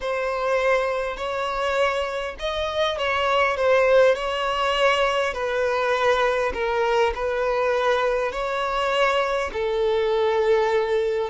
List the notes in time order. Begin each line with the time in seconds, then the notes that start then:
0.00 C5
1.16 C#5
2.39 D#5
2.97 C#5
3.56 C5
4.15 C#5
5.33 B4
6.53 A#4
7.14 B4
8.32 C#5
9.52 A4